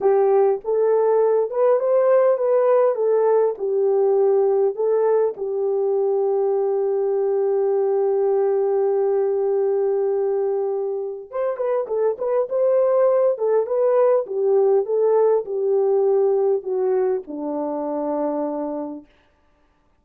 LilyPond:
\new Staff \with { instrumentName = "horn" } { \time 4/4 \tempo 4 = 101 g'4 a'4. b'8 c''4 | b'4 a'4 g'2 | a'4 g'2.~ | g'1~ |
g'2. c''8 b'8 | a'8 b'8 c''4. a'8 b'4 | g'4 a'4 g'2 | fis'4 d'2. | }